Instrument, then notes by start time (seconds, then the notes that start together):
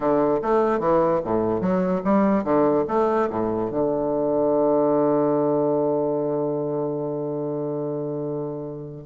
bassoon
0.00 D3
0.42 A3
0.79 E3
1.24 A2
1.60 F#3
2.04 G3
2.43 D3
2.88 A3
3.30 A2
3.70 D3